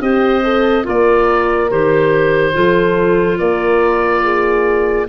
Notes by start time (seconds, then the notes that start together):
0.00 C4 G4 C5 D#5
0.43 A4
0.84 A#3 F4 A#4 D5
1.70 D#3 G4 C5
2.53 F3 F4 A4
3.38 A#3 A#4 D5
4.23 G#4